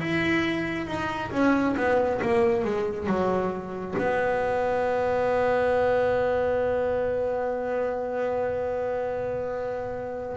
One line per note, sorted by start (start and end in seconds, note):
0.00 0.87 E4
0.87 1.31 D#4
1.31 1.75 C#4
1.76 2.21 B3
2.21 2.64 A#3
2.64 3.07 G#3
3.07 3.95 F#3
3.98 10.37 B3